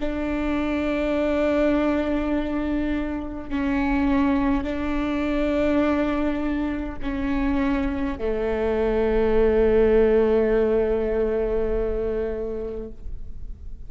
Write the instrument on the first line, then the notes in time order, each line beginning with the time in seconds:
viola
0.00 D4
3.49 C#4
4.63 D4
7.02 C#4
8.18 A3